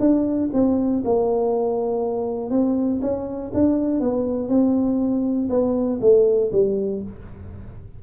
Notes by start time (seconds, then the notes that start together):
0.00 D4
0.53 C4
1.05 A#3
2.50 C4
3.01 C#4
3.54 D4
4.00 B3
4.48 C4
5.49 B3
6.01 A3
6.52 G3